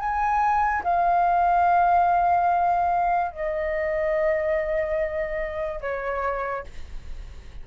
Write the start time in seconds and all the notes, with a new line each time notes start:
0.00 G#5
0.84 F5
3.32 D#5
5.81 C#5